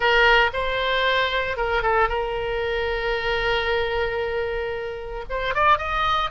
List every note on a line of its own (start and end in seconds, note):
0.00 0.50 A#4
0.53 1.56 C5
1.56 1.82 A#4
1.82 2.08 A4
2.08 5.24 A#4
5.29 5.54 C5
5.54 5.78 D5
5.78 6.30 D#5